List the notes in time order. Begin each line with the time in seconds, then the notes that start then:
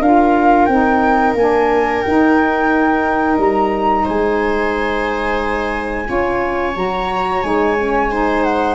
0.00 D4 F4 A#4 F5
0.66 C4 D#4 G5
1.35 A#3 D4 G#5
2.02 D#4 G5
3.38 G3 A#5
4.04 G#3 C5 G#5
6.05 C#4 F4 C#5
6.76 F#3 F#4 A#5
7.43 G#3 D#4 G#5
7.78 C#4
8.11 D#4 C5
8.44 F#5